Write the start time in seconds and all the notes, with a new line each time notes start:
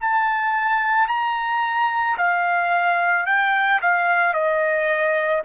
0.00 A5
1.08 A#5
2.17 F5
3.26 G5
3.81 F5
4.33 D#5